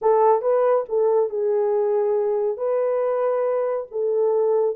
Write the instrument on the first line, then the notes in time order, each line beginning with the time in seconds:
horn
0.01 A4
0.41 B4
0.88 A4
1.29 G#4
2.57 B4
3.91 A4